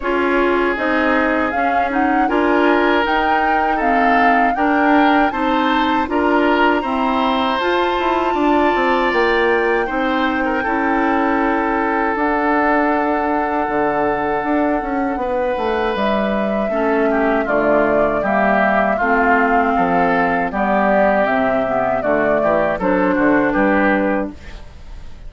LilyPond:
<<
  \new Staff \with { instrumentName = "flute" } { \time 4/4 \tempo 4 = 79 cis''4 dis''4 f''8 fis''8 gis''4 | g''4 f''4 g''4 a''4 | ais''2 a''2 | g''1 |
fis''1~ | fis''4 e''2 d''4 | e''4 f''2 d''4 | e''4 d''4 c''4 b'4 | }
  \new Staff \with { instrumentName = "oboe" } { \time 4/4 gis'2. ais'4~ | ais'4 a'4 ais'4 c''4 | ais'4 c''2 d''4~ | d''4 c''8. ais'16 a'2~ |
a'1 | b'2 a'8 g'8 f'4 | g'4 f'4 a'4 g'4~ | g'4 fis'8 g'8 a'8 fis'8 g'4 | }
  \new Staff \with { instrumentName = "clarinet" } { \time 4/4 f'4 dis'4 cis'8 dis'8 f'4 | dis'4 c'4 d'4 dis'4 | f'4 c'4 f'2~ | f'4 dis'4 e'2 |
d'1~ | d'2 cis'4 a4 | ais4 c'2 b4 | c'8 b8 a4 d'2 | }
  \new Staff \with { instrumentName = "bassoon" } { \time 4/4 cis'4 c'4 cis'4 d'4 | dis'2 d'4 c'4 | d'4 e'4 f'8 e'8 d'8 c'8 | ais4 c'4 cis'2 |
d'2 d4 d'8 cis'8 | b8 a8 g4 a4 d4 | g4 a4 f4 g4 | c4 d8 e8 fis8 d8 g4 | }
>>